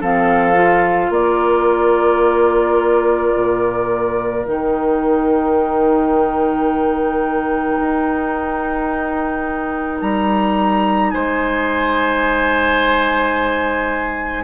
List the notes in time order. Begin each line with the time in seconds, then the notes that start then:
0.00 F3 C4 A4 F5
0.54 F4
1.10 A#3 A#4 D5
3.36 A#2
4.45 D#3 D#4 G5
7.80 D#4
10.01 G3 A#5
11.10 G#3 C5 G#5